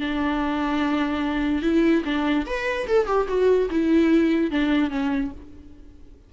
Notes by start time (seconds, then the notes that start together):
0.00 D4
1.62 E4
2.05 D4
2.46 B4
2.87 A4
3.07 G4
3.28 F#4
3.70 E4
4.51 D4
4.90 C#4